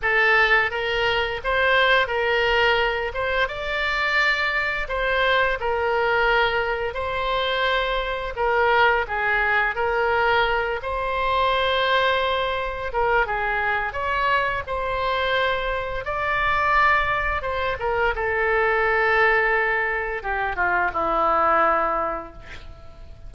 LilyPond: \new Staff \with { instrumentName = "oboe" } { \time 4/4 \tempo 4 = 86 a'4 ais'4 c''4 ais'4~ | ais'8 c''8 d''2 c''4 | ais'2 c''2 | ais'4 gis'4 ais'4. c''8~ |
c''2~ c''8 ais'8 gis'4 | cis''4 c''2 d''4~ | d''4 c''8 ais'8 a'2~ | a'4 g'8 f'8 e'2 | }